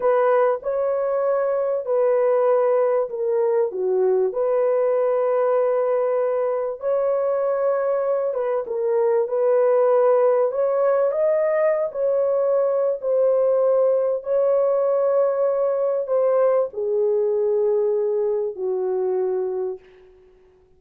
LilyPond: \new Staff \with { instrumentName = "horn" } { \time 4/4 \tempo 4 = 97 b'4 cis''2 b'4~ | b'4 ais'4 fis'4 b'4~ | b'2. cis''4~ | cis''4. b'8 ais'4 b'4~ |
b'4 cis''4 dis''4~ dis''16 cis''8.~ | cis''4 c''2 cis''4~ | cis''2 c''4 gis'4~ | gis'2 fis'2 | }